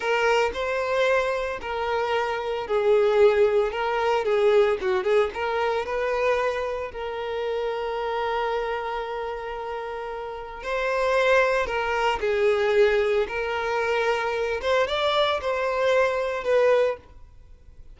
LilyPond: \new Staff \with { instrumentName = "violin" } { \time 4/4 \tempo 4 = 113 ais'4 c''2 ais'4~ | ais'4 gis'2 ais'4 | gis'4 fis'8 gis'8 ais'4 b'4~ | b'4 ais'2.~ |
ais'1 | c''2 ais'4 gis'4~ | gis'4 ais'2~ ais'8 c''8 | d''4 c''2 b'4 | }